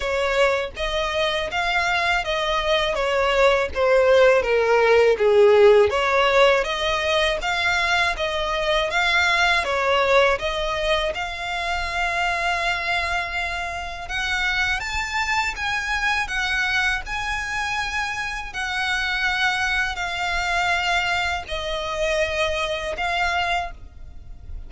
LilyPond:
\new Staff \with { instrumentName = "violin" } { \time 4/4 \tempo 4 = 81 cis''4 dis''4 f''4 dis''4 | cis''4 c''4 ais'4 gis'4 | cis''4 dis''4 f''4 dis''4 | f''4 cis''4 dis''4 f''4~ |
f''2. fis''4 | a''4 gis''4 fis''4 gis''4~ | gis''4 fis''2 f''4~ | f''4 dis''2 f''4 | }